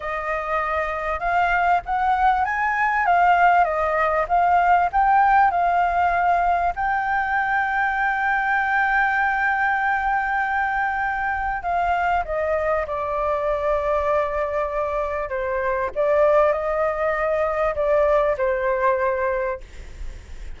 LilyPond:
\new Staff \with { instrumentName = "flute" } { \time 4/4 \tempo 4 = 98 dis''2 f''4 fis''4 | gis''4 f''4 dis''4 f''4 | g''4 f''2 g''4~ | g''1~ |
g''2. f''4 | dis''4 d''2.~ | d''4 c''4 d''4 dis''4~ | dis''4 d''4 c''2 | }